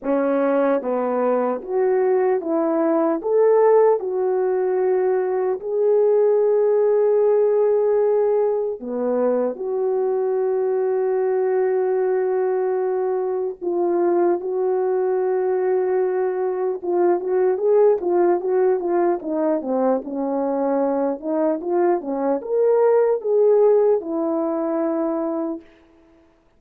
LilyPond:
\new Staff \with { instrumentName = "horn" } { \time 4/4 \tempo 4 = 75 cis'4 b4 fis'4 e'4 | a'4 fis'2 gis'4~ | gis'2. b4 | fis'1~ |
fis'4 f'4 fis'2~ | fis'4 f'8 fis'8 gis'8 f'8 fis'8 f'8 | dis'8 c'8 cis'4. dis'8 f'8 cis'8 | ais'4 gis'4 e'2 | }